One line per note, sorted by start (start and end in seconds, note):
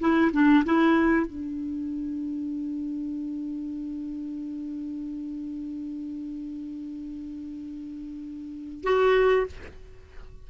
0.00 0.32 E4
0.33 0.65 D4
0.65 1.27 E4
1.27 8.84 D4
8.84 9.47 F#4